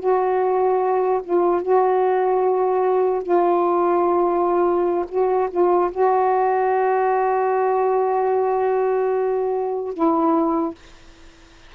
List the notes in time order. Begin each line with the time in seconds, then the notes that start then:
0.00 F#4
1.24 F4
1.62 F#4
3.24 F4
5.09 F#4
5.51 F4
5.92 F#4
9.94 E4